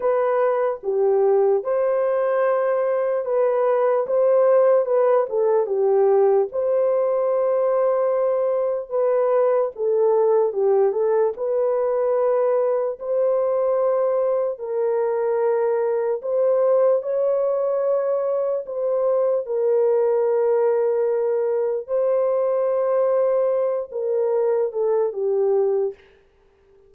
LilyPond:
\new Staff \with { instrumentName = "horn" } { \time 4/4 \tempo 4 = 74 b'4 g'4 c''2 | b'4 c''4 b'8 a'8 g'4 | c''2. b'4 | a'4 g'8 a'8 b'2 |
c''2 ais'2 | c''4 cis''2 c''4 | ais'2. c''4~ | c''4. ais'4 a'8 g'4 | }